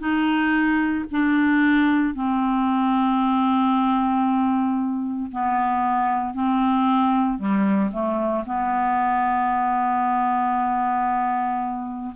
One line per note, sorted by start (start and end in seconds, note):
0.00 1.05 D#4
1.11 2.15 D4
2.15 5.31 C4
5.32 6.34 B3
6.34 7.39 C4
7.39 7.91 G3
7.92 8.45 A3
8.46 12.15 B3